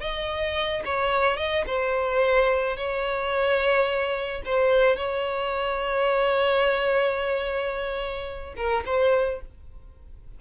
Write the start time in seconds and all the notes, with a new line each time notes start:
0.00 D#5
0.85 C#5
1.37 D#5
1.66 C5
2.77 C#5
4.45 C5
4.96 C#5
8.56 A#4
8.85 C5